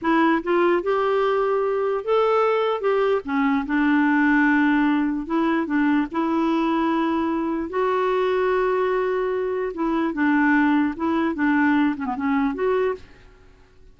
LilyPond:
\new Staff \with { instrumentName = "clarinet" } { \time 4/4 \tempo 4 = 148 e'4 f'4 g'2~ | g'4 a'2 g'4 | cis'4 d'2.~ | d'4 e'4 d'4 e'4~ |
e'2. fis'4~ | fis'1 | e'4 d'2 e'4 | d'4. cis'16 b16 cis'4 fis'4 | }